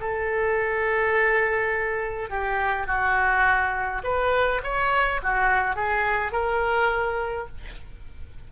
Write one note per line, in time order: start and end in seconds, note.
0.00 2.30 A4
2.30 2.87 G4
2.87 4.02 F#4
4.04 4.62 B4
4.64 5.21 C#5
5.23 5.76 F#4
5.76 6.33 G#4
6.33 7.48 A#4